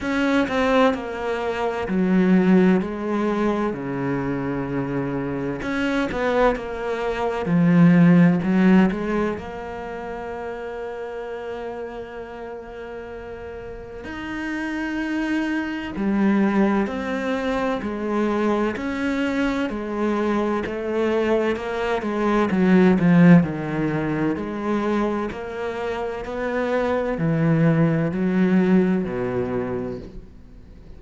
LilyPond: \new Staff \with { instrumentName = "cello" } { \time 4/4 \tempo 4 = 64 cis'8 c'8 ais4 fis4 gis4 | cis2 cis'8 b8 ais4 | f4 fis8 gis8 ais2~ | ais2. dis'4~ |
dis'4 g4 c'4 gis4 | cis'4 gis4 a4 ais8 gis8 | fis8 f8 dis4 gis4 ais4 | b4 e4 fis4 b,4 | }